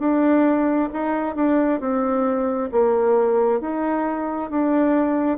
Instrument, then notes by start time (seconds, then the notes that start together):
bassoon
0.00 D4
0.93 D#4
1.36 D4
1.81 C4
2.72 A#3
3.61 D#4
4.51 D4